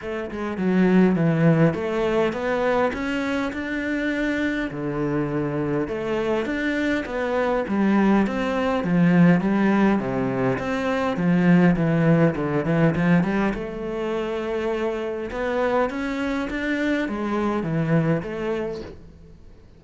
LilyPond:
\new Staff \with { instrumentName = "cello" } { \time 4/4 \tempo 4 = 102 a8 gis8 fis4 e4 a4 | b4 cis'4 d'2 | d2 a4 d'4 | b4 g4 c'4 f4 |
g4 c4 c'4 f4 | e4 d8 e8 f8 g8 a4~ | a2 b4 cis'4 | d'4 gis4 e4 a4 | }